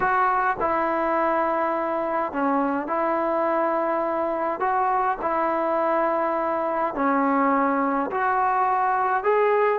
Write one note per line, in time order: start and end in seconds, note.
0.00 0.56 F#4
0.60 2.32 E4
2.32 2.87 C#4
2.87 4.59 E4
4.59 5.17 F#4
5.21 6.94 E4
6.94 8.10 C#4
8.10 9.23 F#4
9.23 9.79 G#4